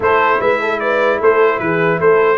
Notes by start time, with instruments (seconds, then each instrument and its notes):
0.00 tuba A3, trombone E4, horn A4, trumpet C5
0.40 tuba G#3, horn B4, trumpet E5
0.60 horn A4
0.79 horn B4, trumpet D5
1.20 tuba A3, horn A4, trumpet C5
1.59 tuba E3, horn G#4, trumpet B4
1.99 tuba A3, horn A4, trumpet C5